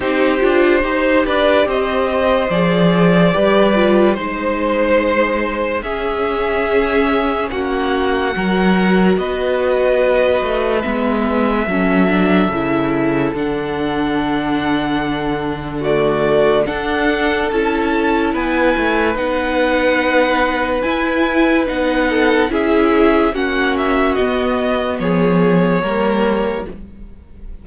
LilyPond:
<<
  \new Staff \with { instrumentName = "violin" } { \time 4/4 \tempo 4 = 72 c''4. d''8 dis''4 d''4~ | d''4 c''2 e''4~ | e''4 fis''2 dis''4~ | dis''4 e''2. |
fis''2. d''4 | fis''4 a''4 gis''4 fis''4~ | fis''4 gis''4 fis''4 e''4 | fis''8 e''8 dis''4 cis''2 | }
  \new Staff \with { instrumentName = "violin" } { \time 4/4 g'4 c''8 b'8 c''2 | b'4 c''2 gis'4~ | gis'4 fis'4 ais'4 b'4~ | b'2 a'2~ |
a'2. fis'4 | a'2 b'2~ | b'2~ b'8 a'8 gis'4 | fis'2 gis'4 ais'4 | }
  \new Staff \with { instrumentName = "viola" } { \time 4/4 dis'8 f'8 g'2 gis'4 | g'8 f'8 dis'2 cis'4~ | cis'2 fis'2~ | fis'4 b4 cis'8 d'8 e'4 |
d'2. a4 | d'4 e'2 dis'4~ | dis'4 e'4 dis'4 e'4 | cis'4 b2 ais4 | }
  \new Staff \with { instrumentName = "cello" } { \time 4/4 c'8 d'8 dis'8 d'8 c'4 f4 | g4 gis2 cis'4~ | cis'4 ais4 fis4 b4~ | b8 a8 gis4 fis4 cis4 |
d1 | d'4 cis'4 b8 a8 b4~ | b4 e'4 b4 cis'4 | ais4 b4 f4 g4 | }
>>